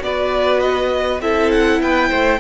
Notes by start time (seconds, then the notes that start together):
0.00 B3 F#4 D5
0.06 B4
0.60 D#5
1.21 C4 E4 A4 E5
1.52 F#5
1.81 B3 B4 G5
2.10 A3 C5